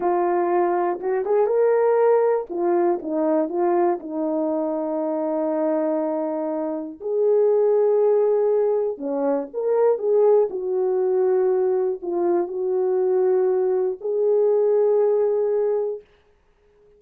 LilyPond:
\new Staff \with { instrumentName = "horn" } { \time 4/4 \tempo 4 = 120 f'2 fis'8 gis'8 ais'4~ | ais'4 f'4 dis'4 f'4 | dis'1~ | dis'2 gis'2~ |
gis'2 cis'4 ais'4 | gis'4 fis'2. | f'4 fis'2. | gis'1 | }